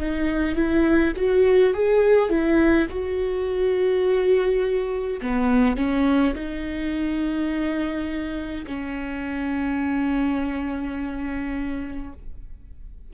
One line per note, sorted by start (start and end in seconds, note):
0.00 0.56 D#4
0.56 1.13 E4
1.16 1.74 F#4
1.74 2.30 G#4
2.30 2.87 E4
2.90 5.21 F#4
5.22 5.77 B3
5.77 6.35 C#4
6.35 8.66 D#4
8.67 12.13 C#4